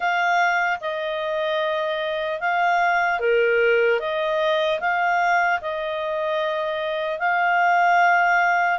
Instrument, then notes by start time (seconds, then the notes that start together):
clarinet
0.00 F5
0.80 D#5
2.40 F5
3.19 A#4
3.99 D#5
4.80 F5
5.61 D#5
7.19 F5